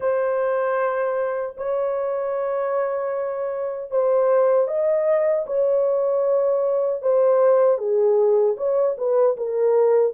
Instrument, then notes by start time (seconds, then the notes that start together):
horn
0.00 C5
1.57 C#5
3.91 C5
4.67 D#5
5.46 C#5
7.02 C5
7.77 G#4
8.57 C#5
8.97 B4
9.36 A#4